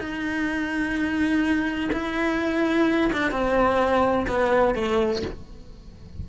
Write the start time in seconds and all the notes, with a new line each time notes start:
0.00 D#4
1.93 E4
3.13 D4
3.32 C4
4.28 B3
4.75 A3